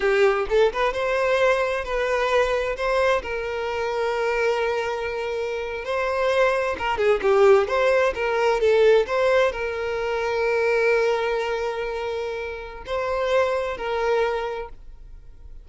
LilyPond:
\new Staff \with { instrumentName = "violin" } { \time 4/4 \tempo 4 = 131 g'4 a'8 b'8 c''2 | b'2 c''4 ais'4~ | ais'1~ | ais'8. c''2 ais'8 gis'8 g'16~ |
g'8. c''4 ais'4 a'4 c''16~ | c''8. ais'2.~ ais'16~ | ais'1 | c''2 ais'2 | }